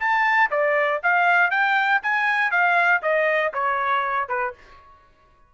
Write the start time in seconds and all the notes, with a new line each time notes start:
0.00 A5
0.51 D5
1.03 F5
1.51 G5
2.03 G#5
2.51 F5
3.02 D#5
3.54 C#5
4.29 B4